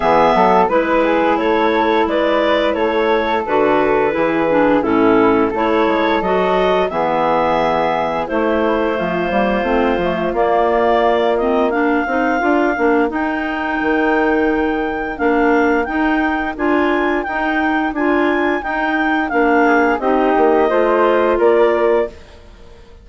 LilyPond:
<<
  \new Staff \with { instrumentName = "clarinet" } { \time 4/4 \tempo 4 = 87 e''4 b'4 cis''4 d''4 | cis''4 b'2 a'4 | cis''4 dis''4 e''2 | c''2. d''4~ |
d''8 dis''8 f''2 g''4~ | g''2 f''4 g''4 | gis''4 g''4 gis''4 g''4 | f''4 dis''2 d''4 | }
  \new Staff \with { instrumentName = "flute" } { \time 4/4 gis'8 a'8 b'8 gis'8 a'4 b'4 | a'2 gis'4 e'4 | a'2 gis'2 | e'4 f'2.~ |
f'4 ais'2.~ | ais'1~ | ais'1~ | ais'8 gis'8 g'4 c''4 ais'4 | }
  \new Staff \with { instrumentName = "clarinet" } { \time 4/4 b4 e'2.~ | e'4 fis'4 e'8 d'8 cis'4 | e'4 fis'4 b2 | a4. ais8 c'8 a8 ais4~ |
ais8 c'8 d'8 dis'8 f'8 d'8 dis'4~ | dis'2 d'4 dis'4 | f'4 dis'4 f'4 dis'4 | d'4 dis'4 f'2 | }
  \new Staff \with { instrumentName = "bassoon" } { \time 4/4 e8 fis8 gis4 a4 gis4 | a4 d4 e4 a,4 | a8 gis8 fis4 e2 | a4 f8 g8 a8 f8 ais4~ |
ais4. c'8 d'8 ais8 dis'4 | dis2 ais4 dis'4 | d'4 dis'4 d'4 dis'4 | ais4 c'8 ais8 a4 ais4 | }
>>